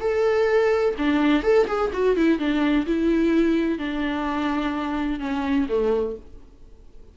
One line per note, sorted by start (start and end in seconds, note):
0.00 0.94 A4
0.98 1.43 D4
1.43 1.66 A4
1.67 1.90 G#4
1.93 2.16 F#4
2.16 2.39 E4
2.39 2.86 D4
2.86 3.78 E4
3.78 5.19 D4
5.19 5.67 C#4
5.68 6.16 A3